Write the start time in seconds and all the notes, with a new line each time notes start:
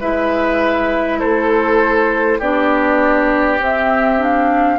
0.00 G#3 E4 B4 E5
1.19 A3 A4 C5
2.39 B3 D4 G4 D5
3.59 C4 E5
4.18 D4 F5